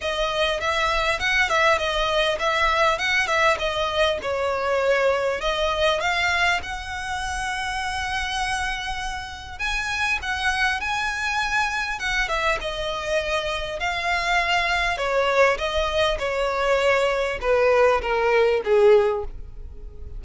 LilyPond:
\new Staff \with { instrumentName = "violin" } { \time 4/4 \tempo 4 = 100 dis''4 e''4 fis''8 e''8 dis''4 | e''4 fis''8 e''8 dis''4 cis''4~ | cis''4 dis''4 f''4 fis''4~ | fis''1 |
gis''4 fis''4 gis''2 | fis''8 e''8 dis''2 f''4~ | f''4 cis''4 dis''4 cis''4~ | cis''4 b'4 ais'4 gis'4 | }